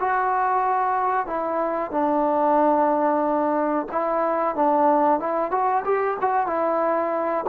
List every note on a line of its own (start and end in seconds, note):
0.00 1.26 F#4
1.26 1.91 E4
1.91 3.87 D4
3.92 4.55 E4
4.55 5.20 D4
5.20 5.51 E4
5.51 5.83 F#4
5.85 6.17 G4
6.21 6.47 F#4
6.47 7.44 E4